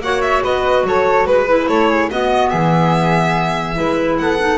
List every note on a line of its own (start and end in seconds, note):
0.00 0.42 A#3
0.00 1.49 F#4
0.00 0.44 C#5
0.00 0.22 F#5
0.22 0.43 E5
0.44 0.84 B3
0.44 0.85 B4
0.44 0.86 D#5
0.84 1.26 F#3
0.84 1.26 A4
0.84 1.27 C#5
1.26 1.68 G#3
1.26 1.68 B4
1.49 2.11 E4
1.68 2.10 A3
1.68 1.89 A4
1.68 2.10 C#5
1.89 2.10 G#4
2.11 3.75 B3
2.11 2.53 B3
2.11 2.51 F#4
2.11 2.49 D#5
2.49 3.78 E3
2.49 3.76 G#4
2.49 4.16 E5
3.75 4.20 G#3
3.75 4.38 E4
3.75 4.19 B4
4.19 4.59 B3
4.19 4.59 A4
4.19 4.59 F#5
4.40 4.59 D#4